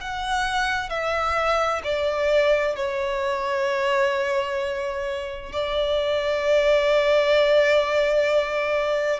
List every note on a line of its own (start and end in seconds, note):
0.00 0.89 F#5
0.89 1.81 E5
1.83 2.76 D5
2.76 5.52 C#5
5.52 9.20 D5